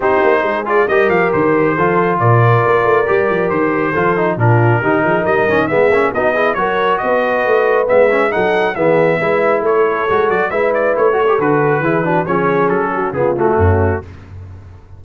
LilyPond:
<<
  \new Staff \with { instrumentName = "trumpet" } { \time 4/4 \tempo 4 = 137 c''4. d''8 dis''8 f''8 c''4~ | c''4 d''2. | c''2 ais'2 | dis''4 e''4 dis''4 cis''4 |
dis''2 e''4 fis''4 | e''2 cis''4. d''8 | e''8 d''8 cis''4 b'2 | cis''4 a'4 gis'8 fis'4. | }
  \new Staff \with { instrumentName = "horn" } { \time 4/4 g'4 gis'4 ais'2 | a'4 ais'2.~ | ais'4 a'4 f'4 g'8 gis'8 | ais'4 gis'4 fis'8 gis'8 ais'4 |
b'2. a'4 | gis'4 b'4 a'2 | b'4. a'4. gis'8 fis'8 | gis'4. fis'8 f'4 cis'4 | }
  \new Staff \with { instrumentName = "trombone" } { \time 4/4 dis'4. f'8 g'2 | f'2. g'4~ | g'4 f'8 dis'8 d'4 dis'4~ | dis'8 cis'8 b8 cis'8 dis'8 e'8 fis'4~ |
fis'2 b8 cis'8 dis'4 | b4 e'2 fis'4 | e'4. fis'16 g'16 fis'4 e'8 d'8 | cis'2 b8 a4. | }
  \new Staff \with { instrumentName = "tuba" } { \time 4/4 c'8 ais8 gis4 g8 f8 dis4 | f4 ais,4 ais8 a8 g8 f8 | dis4 f4 ais,4 dis8 f8 | g8 dis8 gis8 ais8 b4 fis4 |
b4 a4 gis4 fis4 | e4 gis4 a4 gis8 fis8 | gis4 a4 d4 e4 | f4 fis4 cis4 fis,4 | }
>>